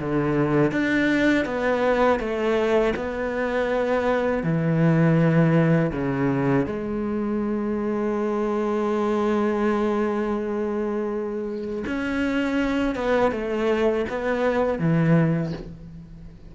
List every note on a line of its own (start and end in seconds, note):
0.00 0.72 D3
0.72 1.46 D4
1.46 2.20 B3
2.20 2.94 A3
2.96 4.44 B3
4.44 5.92 E3
5.92 6.66 C#3
6.66 11.85 G#3
11.87 12.96 C#4
12.96 13.32 B3
13.32 14.06 A3
14.09 14.79 B3
14.79 15.54 E3